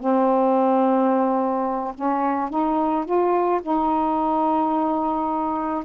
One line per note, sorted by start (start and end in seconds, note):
0.00 1.94 C4
1.95 2.50 C#4
2.50 3.06 D#4
3.06 3.61 F4
3.63 5.85 D#4